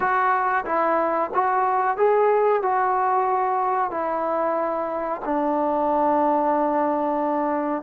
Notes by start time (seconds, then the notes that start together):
0.00 F#4
0.65 E4
1.34 F#4
1.97 G#4
2.62 F#4
3.90 E4
5.24 D4